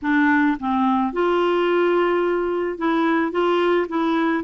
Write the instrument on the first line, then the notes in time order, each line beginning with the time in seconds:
clarinet
0.02 D4
0.59 C4
1.12 F4
2.78 E4
3.31 F4
3.88 E4